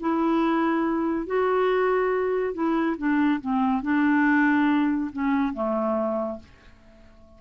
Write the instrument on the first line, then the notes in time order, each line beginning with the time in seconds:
clarinet
0.00 E4
1.26 F#4
2.53 E4
2.97 D4
3.41 C4
3.82 D4
5.12 C#4
5.53 A3